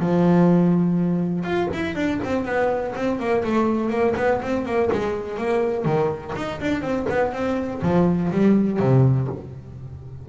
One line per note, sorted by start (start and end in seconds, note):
0.00 1.44 F3
1.44 1.69 F4
1.74 1.96 E4
1.96 2.20 D4
2.24 2.46 C4
2.46 2.94 B3
2.96 3.20 C4
3.20 3.44 A#3
3.45 3.90 A3
3.90 4.14 A#3
4.17 4.41 B3
4.42 4.66 C4
4.66 4.90 A#3
4.93 5.38 G#3
5.38 5.85 A#3
5.85 6.34 D#3
6.36 6.61 D#4
6.61 6.82 D4
6.82 7.07 C4
7.10 7.33 B3
7.33 7.82 C4
7.82 8.31 F3
8.32 8.80 G3
8.80 9.29 C3